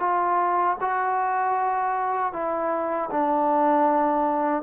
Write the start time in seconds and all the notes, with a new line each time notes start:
0.00 F4
0.81 F#4
2.33 E4
3.11 D4